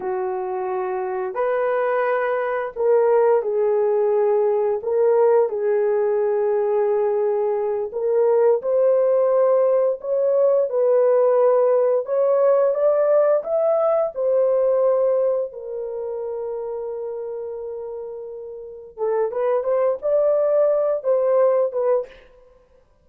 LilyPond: \new Staff \with { instrumentName = "horn" } { \time 4/4 \tempo 4 = 87 fis'2 b'2 | ais'4 gis'2 ais'4 | gis'2.~ gis'8 ais'8~ | ais'8 c''2 cis''4 b'8~ |
b'4. cis''4 d''4 e''8~ | e''8 c''2 ais'4.~ | ais'2.~ ais'8 a'8 | b'8 c''8 d''4. c''4 b'8 | }